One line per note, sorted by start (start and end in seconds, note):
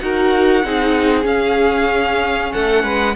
0.00 0.64 D#4
0.00 0.64 F#4
0.00 0.65 A#4
0.00 1.26 F#5
0.64 1.25 C4
0.64 1.23 D#4
0.64 2.53 G#4
1.23 3.13 C#4
1.23 2.51 C#4
1.23 2.53 F5
2.53 2.84 A3
2.53 2.84 A4
2.53 3.16 F#5
2.84 3.15 G#3
2.84 3.16 B4